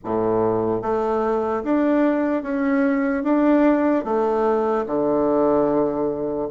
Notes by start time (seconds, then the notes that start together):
0.04 A2
0.82 A3
1.63 D4
2.43 C#4
3.23 D4
4.04 A3
4.86 D3